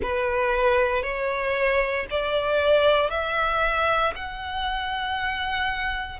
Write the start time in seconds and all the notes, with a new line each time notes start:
0.02 B4
1.03 C#5
2.10 D5
3.10 E5
4.15 F#5